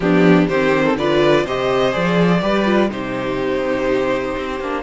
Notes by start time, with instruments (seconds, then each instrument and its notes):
0.00 cello F3, viola B3, violin D4 G4
0.47 cello D#3, viola C4, violin G4 C5
0.84 violin A4
0.96 cello D3, viola F4, violin B4 D5
1.44 cello C3, viola G4, violin C5 D#5
1.91 cello F3, viola G#4, violin D5
2.41 cello G3, viola G4, violin B4
2.65 viola F4
2.90 cello C3, viola D#4, violin G4 C5
4.36 cello C4
4.59 cello A#3, viola D4